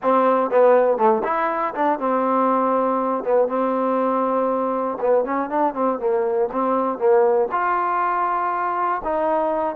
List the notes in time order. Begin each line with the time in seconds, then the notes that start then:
0.02 C4
0.50 B3
0.97 A3
1.24 E4
1.74 D4
1.99 C4
3.23 B3
3.47 C4
5.00 B3
5.25 C#4
5.49 D4
5.74 C4
5.99 A#3
6.52 C4
6.98 A#3
7.51 F4
9.04 D#4